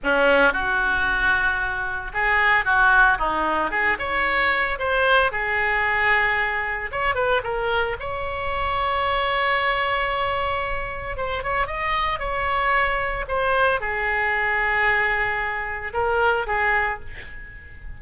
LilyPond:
\new Staff \with { instrumentName = "oboe" } { \time 4/4 \tempo 4 = 113 cis'4 fis'2. | gis'4 fis'4 dis'4 gis'8 cis''8~ | cis''4 c''4 gis'2~ | gis'4 cis''8 b'8 ais'4 cis''4~ |
cis''1~ | cis''4 c''8 cis''8 dis''4 cis''4~ | cis''4 c''4 gis'2~ | gis'2 ais'4 gis'4 | }